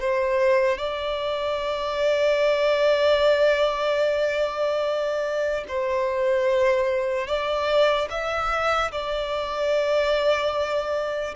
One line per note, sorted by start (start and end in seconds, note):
0.00 0.78 C5
0.78 5.64 D5
5.68 7.27 C5
7.27 8.08 D5
8.10 8.91 E5
8.91 11.34 D5